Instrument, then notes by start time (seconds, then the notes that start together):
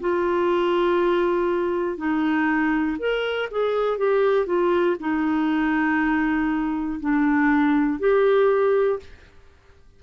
clarinet
0.00 F4
1.97 D#4
2.99 A#4
3.51 G#4
3.98 G4
4.46 F4
5.00 D#4
7.00 D4
8.00 G4